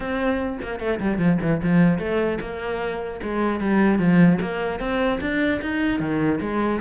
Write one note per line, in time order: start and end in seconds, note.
0.00 0.58 C4
0.62 0.79 A#3
0.79 0.99 A3
1.00 1.18 G3
1.18 1.38 F3
1.41 1.61 E3
1.62 1.98 F3
1.98 2.38 A3
2.40 3.20 A#3
3.23 3.60 G#3
3.60 3.98 G3
3.98 4.38 F3
4.41 4.79 A#3
4.79 5.19 C4
5.20 5.60 D4
5.61 5.99 D#4
5.99 6.39 D#3
6.41 6.81 G#3